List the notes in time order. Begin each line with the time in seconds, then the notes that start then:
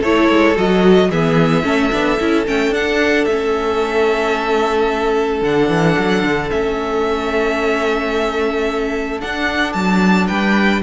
0.00 A3 E4 A4 C#5
0.30 G#3
0.56 F#3 F#4 D#5
1.10 E3 B3 G#4 E5
1.64 A3 C#4 A4
1.91 B3 D4
2.20 C#4 E4
2.46 A3 C#4 G5
2.70 D4 F#5
3.25 A3 C#4 E5
5.42 D3 D4 F#5
5.69 E3
5.99 F#3
6.23 D3
6.50 A3 C#4 E5
9.20 D4 F#5
9.73 F#3 A5
10.28 G3 B4 G5